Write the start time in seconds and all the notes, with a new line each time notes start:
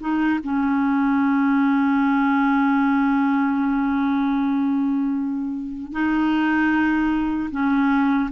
0.00 D#4
0.43 C#4
5.92 D#4
7.51 C#4